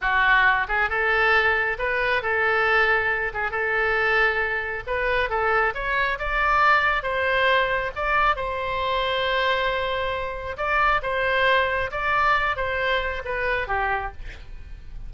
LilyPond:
\new Staff \with { instrumentName = "oboe" } { \time 4/4 \tempo 4 = 136 fis'4. gis'8 a'2 | b'4 a'2~ a'8 gis'8 | a'2. b'4 | a'4 cis''4 d''2 |
c''2 d''4 c''4~ | c''1 | d''4 c''2 d''4~ | d''8 c''4. b'4 g'4 | }